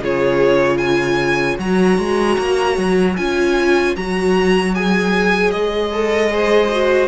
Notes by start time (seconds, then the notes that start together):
0.00 C#3 F4 G#4 C#5
0.77 C#5 G#5
1.58 F#3 F#4 A#5
1.98 G#3
2.39 A#3
2.78 F#3
3.16 C#4 F4 G#5
3.96 F#3 F#4 A#5
4.75 G#4 G#5
5.50 G#3 D#5
5.92 A4
6.30 G#4 C5
6.71 F#4